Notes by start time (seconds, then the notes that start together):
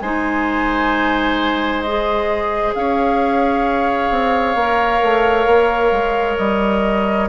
0.00 G#3 D#4 C5 G#5
1.81 G#4 D#5
2.74 C#4 C#5 F5
4.10 C4
4.55 A#3 A#4
5.02 A3
5.46 A#3
5.91 G#3
6.37 G3 D#5